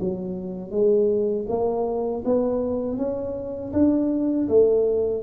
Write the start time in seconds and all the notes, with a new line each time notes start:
0.00 F#3
0.71 G#3
1.48 A#3
2.25 B3
2.97 C#4
3.73 D4
4.48 A3